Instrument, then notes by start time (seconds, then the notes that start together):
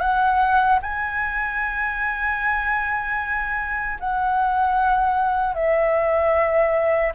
flute
0.00 F#5
0.82 G#5
4.00 F#5
5.54 E5